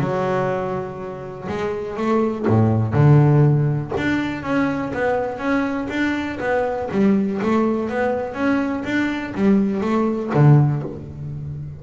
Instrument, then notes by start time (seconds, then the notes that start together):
double bass
0.00 F#3
1.48 G#3
1.97 A3
2.47 A2
2.94 D3
3.97 D4
4.43 C#4
4.93 B3
5.38 C#4
5.89 D4
6.40 B3
6.91 G3
7.42 A3
7.89 B3
8.34 C#4
8.84 D4
9.35 G3
9.81 A3
10.34 D3